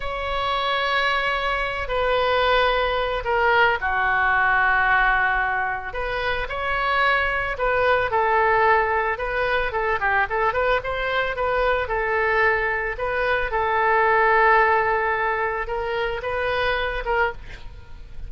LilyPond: \new Staff \with { instrumentName = "oboe" } { \time 4/4 \tempo 4 = 111 cis''2.~ cis''8 b'8~ | b'2 ais'4 fis'4~ | fis'2. b'4 | cis''2 b'4 a'4~ |
a'4 b'4 a'8 g'8 a'8 b'8 | c''4 b'4 a'2 | b'4 a'2.~ | a'4 ais'4 b'4. ais'8 | }